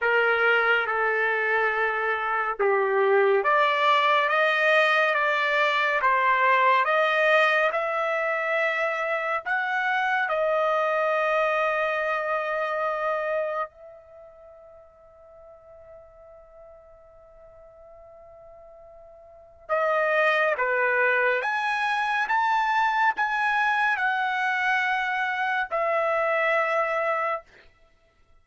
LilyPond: \new Staff \with { instrumentName = "trumpet" } { \time 4/4 \tempo 4 = 70 ais'4 a'2 g'4 | d''4 dis''4 d''4 c''4 | dis''4 e''2 fis''4 | dis''1 |
e''1~ | e''2. dis''4 | b'4 gis''4 a''4 gis''4 | fis''2 e''2 | }